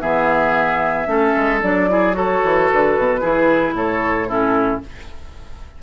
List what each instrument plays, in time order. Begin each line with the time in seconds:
0.00 bassoon E3, clarinet B3, oboe G#4, flute E5
1.06 bassoon A3, clarinet C#4, oboe A4
1.36 bassoon G#3
1.62 bassoon F#3, clarinet D4, flute D5
1.88 clarinet E4, oboe G#4
2.12 clarinet F#4, oboe A4, flute C#5
2.44 bassoon E3
2.71 bassoon D3, flute B4
2.98 bassoon B2
3.20 bassoon E3, clarinet E4, oboe G#4
3.73 bassoon A2, oboe A4, flute C#5
4.28 clarinet C#4, oboe E4, flute A4